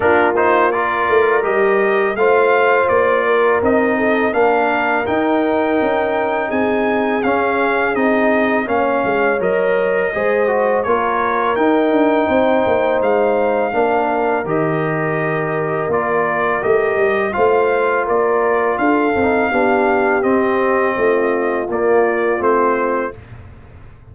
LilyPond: <<
  \new Staff \with { instrumentName = "trumpet" } { \time 4/4 \tempo 4 = 83 ais'8 c''8 d''4 dis''4 f''4 | d''4 dis''4 f''4 g''4~ | g''4 gis''4 f''4 dis''4 | f''4 dis''2 cis''4 |
g''2 f''2 | dis''2 d''4 dis''4 | f''4 d''4 f''2 | dis''2 d''4 c''4 | }
  \new Staff \with { instrumentName = "horn" } { \time 4/4 f'4 ais'2 c''4~ | c''8 ais'4 a'8 ais'2~ | ais'4 gis'2. | cis''2 c''4 ais'4~ |
ais'4 c''2 ais'4~ | ais'1 | c''4 ais'4 a'4 g'4~ | g'4 f'2. | }
  \new Staff \with { instrumentName = "trombone" } { \time 4/4 d'8 dis'8 f'4 g'4 f'4~ | f'4 dis'4 d'4 dis'4~ | dis'2 cis'4 dis'4 | cis'4 ais'4 gis'8 fis'8 f'4 |
dis'2. d'4 | g'2 f'4 g'4 | f'2~ f'8 dis'8 d'4 | c'2 ais4 c'4 | }
  \new Staff \with { instrumentName = "tuba" } { \time 4/4 ais4. a8 g4 a4 | ais4 c'4 ais4 dis'4 | cis'4 c'4 cis'4 c'4 | ais8 gis8 fis4 gis4 ais4 |
dis'8 d'8 c'8 ais8 gis4 ais4 | dis2 ais4 a8 g8 | a4 ais4 d'8 c'8 b4 | c'4 a4 ais4 a4 | }
>>